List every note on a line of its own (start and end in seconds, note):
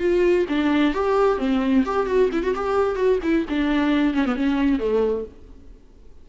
0.00 0.46 F4
0.49 0.94 D4
0.94 1.38 G4
1.38 1.84 C4
1.86 2.07 G4
2.07 2.30 F#4
2.33 2.43 E4
2.43 2.55 F#4
2.56 2.96 G4
2.96 3.19 F#4
3.23 3.46 E4
3.50 4.14 D4
4.14 4.26 C#4
4.26 4.36 B3
4.36 4.79 C#4
4.79 5.25 A3